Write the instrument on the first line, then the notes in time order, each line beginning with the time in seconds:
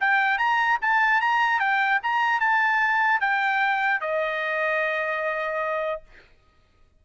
trumpet
0.00 G5
0.38 A#5
0.81 A5
1.20 A#5
1.59 G5
2.02 A#5
2.39 A5
3.20 G5
4.00 D#5